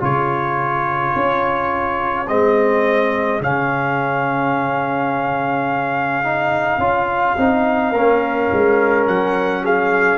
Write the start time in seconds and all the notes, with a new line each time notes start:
0.00 C#3 F4 G#4 C#5
1.16 C#4
2.28 G#3 C4 D#5
3.40 C#3 C#4 F5
6.24 D#4
6.78 C#4 F4
7.37 C4 D#4
7.91 A#3 C#4 A#4
8.53 G#3
9.08 F#3 F#5
9.64 G#4 F5